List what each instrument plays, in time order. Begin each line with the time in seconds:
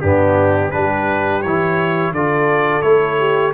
0.00 tuba G2, trombone B3, horn D4, trumpet G4
0.71 tuba G3, trombone D4, horn G4, trumpet B4
1.41 tuba E3, trombone E4, trumpet C#5
2.11 tuba D3, trombone F4, horn A4, trumpet D5
2.81 tuba A3, trombone E4, trumpet C#5
3.18 horn G4